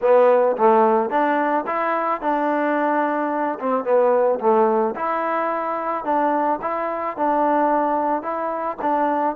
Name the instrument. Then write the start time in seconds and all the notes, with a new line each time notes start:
trombone
0.01 B3
0.56 A3
1.09 D4
1.66 E4
2.21 D4
3.59 C4
3.84 B3
4.39 A3
4.95 E4
6.04 D4
6.61 E4
7.16 D4
8.22 E4
8.81 D4